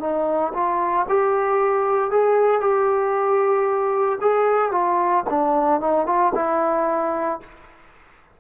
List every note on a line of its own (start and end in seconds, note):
0.00 0.53 D#4
0.54 1.06 F4
1.09 2.11 G4
2.11 2.61 G#4
2.61 4.19 G4
4.21 4.72 G#4
4.72 5.24 F4
5.30 5.81 D4
5.81 6.06 D#4
6.06 6.33 F4
6.35 7.40 E4